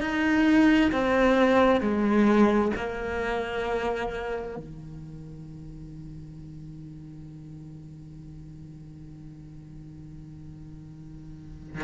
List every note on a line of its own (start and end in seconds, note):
0.00 0.91 D#4
0.91 1.80 C4
1.80 2.71 G#3
2.76 4.56 A#3
4.56 11.83 D#3